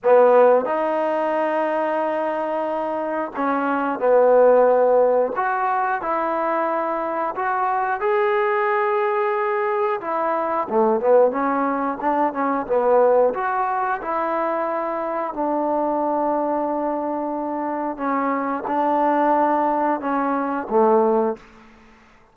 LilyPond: \new Staff \with { instrumentName = "trombone" } { \time 4/4 \tempo 4 = 90 b4 dis'2.~ | dis'4 cis'4 b2 | fis'4 e'2 fis'4 | gis'2. e'4 |
a8 b8 cis'4 d'8 cis'8 b4 | fis'4 e'2 d'4~ | d'2. cis'4 | d'2 cis'4 a4 | }